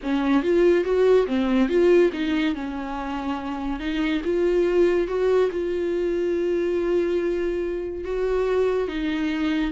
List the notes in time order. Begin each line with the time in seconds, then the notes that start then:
0.02 C#4
0.42 F4
0.84 F#4
1.26 C4
1.68 F4
2.12 D#4
2.54 C#4
3.79 D#4
4.24 F4
5.07 F#4
5.51 F4
8.04 F#4
8.88 D#4